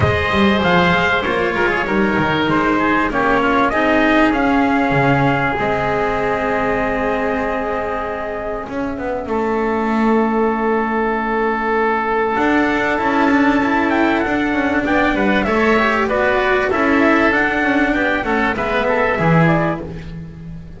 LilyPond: <<
  \new Staff \with { instrumentName = "trumpet" } { \time 4/4 \tempo 4 = 97 dis''4 f''4 cis''2 | c''4 cis''4 dis''4 f''4~ | f''4 dis''2.~ | dis''2 e''2~ |
e''1 | fis''4 a''4. g''8 fis''4 | g''8 fis''8 e''4 d''4 e''4 | fis''4 g''8 fis''8 e''4. d''8 | }
  \new Staff \with { instrumentName = "oboe" } { \time 4/4 c''2~ c''8 ais'16 gis'16 ais'4~ | ais'8 gis'8 g'8 f'8 gis'2~ | gis'1~ | gis'2. a'4~ |
a'1~ | a'1 | d''8 b'8 cis''4 b'4 a'4~ | a'4 g'8 a'8 b'8 a'8 gis'4 | }
  \new Staff \with { instrumentName = "cello" } { \time 4/4 gis'2 f'4 dis'4~ | dis'4 cis'4 dis'4 cis'4~ | cis'4 c'2.~ | c'2 cis'2~ |
cis'1 | d'4 e'8 d'8 e'4 d'4~ | d'4 a'8 g'8 fis'4 e'4 | d'4. cis'8 b4 e'4 | }
  \new Staff \with { instrumentName = "double bass" } { \time 4/4 gis8 g8 f8 gis8 ais8 gis8 g8 dis8 | gis4 ais4 c'4 cis'4 | cis4 gis2.~ | gis2 cis'8 b8 a4~ |
a1 | d'4 cis'2 d'8 cis'8 | b8 g8 a4 b4 cis'4 | d'8 cis'8 b8 a8 gis4 e4 | }
>>